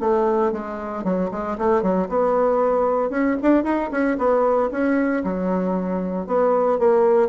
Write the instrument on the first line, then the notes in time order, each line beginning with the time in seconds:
bassoon
0.00 A3
0.52 G#3
1.04 F#3
1.31 G#3
1.58 A3
1.82 F#3
2.09 B3
3.10 C#4
3.42 D4
3.64 D#4
3.91 C#4
4.18 B3
4.71 C#4
5.24 F#3
6.27 B3
6.79 A#3